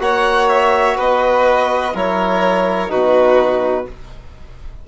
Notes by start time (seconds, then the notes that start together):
0.00 A#3 F#4 C#5 F#5
0.49 E5
0.97 B3 B4 D#5
1.94 F#3 E4 A#4 C#5
2.89 B2 D#4 F#4 B4